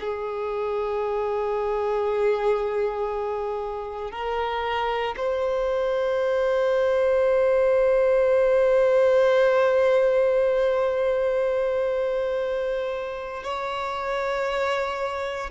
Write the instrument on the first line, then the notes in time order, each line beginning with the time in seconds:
violin
0.00 G#4
4.11 A#4
5.17 C5
13.43 C#5